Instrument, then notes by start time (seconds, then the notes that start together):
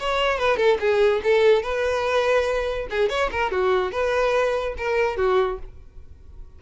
violin
0.00 C#5
0.39 B4
0.57 A4
0.80 G#4
1.24 A4
1.63 B4
2.91 G#4
3.10 C#5
3.32 A#4
3.52 F#4
3.92 B4
4.78 A#4
5.17 F#4